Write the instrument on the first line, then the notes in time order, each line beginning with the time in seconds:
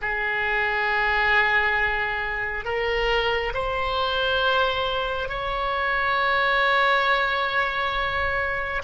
oboe
0.01 G#4
2.64 A#4
3.53 C5
5.29 C#5